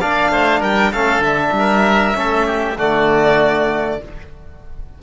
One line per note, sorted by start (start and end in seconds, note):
0.00 0.30 A#3
0.00 0.93 D4
0.00 0.31 D5
0.00 0.62 F5
0.30 0.61 A3
0.30 0.60 C5
0.60 0.92 G3
0.60 0.91 A#4
0.60 0.92 G5
0.92 1.19 A3
0.92 1.24 C#4
0.92 1.53 A4
0.92 1.23 F5
1.19 1.50 D3
1.19 2.13 D4
1.19 2.77 E5
1.52 2.14 G3
1.58 2.18 A#4
2.13 2.77 A3
2.13 2.75 C#4
2.13 2.46 A4
2.46 2.77 G4
2.77 4.01 D3
2.77 4.01 A3
2.77 4.01 F#4
2.77 4.02 D5